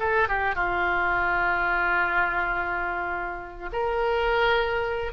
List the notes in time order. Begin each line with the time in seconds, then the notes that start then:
0.00 A4
0.29 G4
0.56 F4
3.73 A#4